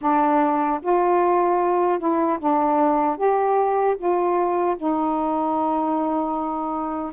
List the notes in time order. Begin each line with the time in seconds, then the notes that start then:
0.01 D4
0.81 F4
1.98 E4
2.39 D4
3.17 G4
3.97 F4
4.77 D#4